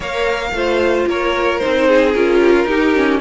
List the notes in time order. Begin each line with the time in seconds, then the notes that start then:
0.00 A#3 A#4 C#5 F5
0.51 A3 F4 C5
1.06 A#3 A#4 C#5
1.58 D#4 C5
1.65 C4
1.87 G#4
2.13 C#4 F4 A#4
2.39 G4
2.53 F4
2.65 D#4 G4
2.95 C#4